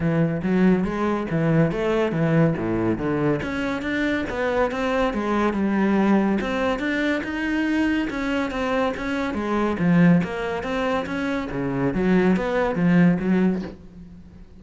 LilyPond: \new Staff \with { instrumentName = "cello" } { \time 4/4 \tempo 4 = 141 e4 fis4 gis4 e4 | a4 e4 a,4 d4 | cis'4 d'4 b4 c'4 | gis4 g2 c'4 |
d'4 dis'2 cis'4 | c'4 cis'4 gis4 f4 | ais4 c'4 cis'4 cis4 | fis4 b4 f4 fis4 | }